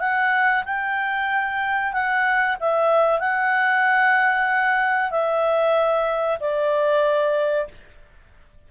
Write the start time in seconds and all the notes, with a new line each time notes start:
0.00 F#5
0.66 G5
1.93 F#5
2.60 E5
3.20 F#5
5.11 E5
6.40 D5